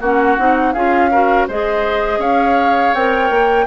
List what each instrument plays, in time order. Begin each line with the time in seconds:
0.00 bassoon A#3, clarinet C#4, oboe F#4, flute F#5
0.38 bassoon C4, clarinet D#4
0.73 bassoon C#4, clarinet F4, oboe G#4, flute F5
1.11 clarinet F#4, oboe A#4
1.47 bassoon G#3, clarinet G#4, oboe C5, flute D#5
2.18 bassoon C#4, oboe C#5, flute F5
2.94 bassoon C4, clarinet A#4, flute G5
3.30 bassoon A#3